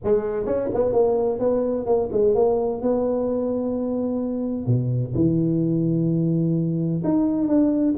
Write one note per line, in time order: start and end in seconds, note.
0.04 0.45 G#3
0.45 0.69 C#4
0.74 0.92 B3
0.92 1.39 A#3
1.39 1.85 B3
1.85 2.09 A#3
2.12 2.34 G#3
2.34 2.81 A#3
2.81 4.66 B3
4.66 5.13 B2
5.15 7.02 E3
7.03 7.47 D#4
7.47 7.94 D4